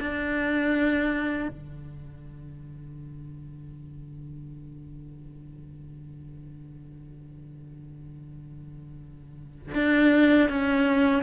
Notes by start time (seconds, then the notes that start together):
0.00 D4
1.49 D3
9.75 D4
10.49 C#4